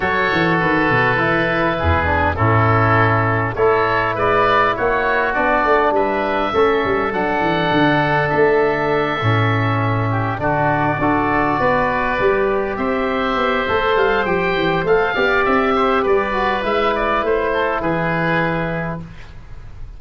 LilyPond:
<<
  \new Staff \with { instrumentName = "oboe" } { \time 4/4 \tempo 4 = 101 cis''4 b'2. | a'2 cis''4 d''4 | cis''4 d''4 e''2 | fis''2 e''2~ |
e''4. d''2~ d''8~ | d''4. e''2 f''8 | g''4 f''4 e''4 d''4 | e''8 d''8 c''4 b'2 | }
  \new Staff \with { instrumentName = "oboe" } { \time 4/4 a'2. gis'4 | e'2 a'4 b'4 | fis'2 b'4 a'4~ | a'1~ |
a'4 g'8 fis'4 a'4 b'8~ | b'4. c''2~ c''8~ | c''4. d''4 c''8 b'4~ | b'4. a'8 gis'2 | }
  \new Staff \with { instrumentName = "trombone" } { \time 4/4 fis'2 e'4. d'8 | cis'2 e'2~ | e'4 d'2 cis'4 | d'2.~ d'8 cis'8~ |
cis'4. d'4 fis'4.~ | fis'8 g'2~ g'8 a'4 | g'4 a'8 g'2 fis'8 | e'1 | }
  \new Staff \with { instrumentName = "tuba" } { \time 4/4 fis8 e8 dis8 b,8 e4 e,4 | a,2 a4 gis4 | ais4 b8 a8 g4 a8 g8 | fis8 e8 d4 a4. a,8~ |
a,4. d4 d'4 b8~ | b8 g4 c'4 b8 a8 g8 | f8 e8 a8 b8 c'4 g4 | gis4 a4 e2 | }
>>